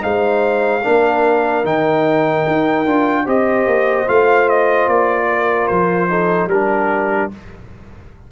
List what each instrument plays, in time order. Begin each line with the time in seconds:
0.00 tuba G#3, trombone D#4, horn C5, trumpet F5
0.84 tuba A#3, trombone D4, horn A#4
1.64 tuba D#3, trombone D#4, trumpet G5
2.47 tuba D#4
2.86 tuba D4, trombone F4
3.24 tuba C4, trombone G4, horn C5, trumpet D#5
3.67 tuba A#3
4.08 tuba A3, trombone F4, trumpet F5
4.49 trumpet D#5
4.88 tuba A#3, trumpet D5
5.29 horn A#4
5.68 tuba F3, trumpet C5
6.10 trombone D#4, horn A4
6.47 tuba G3, trombone D4, horn G4, trumpet A#4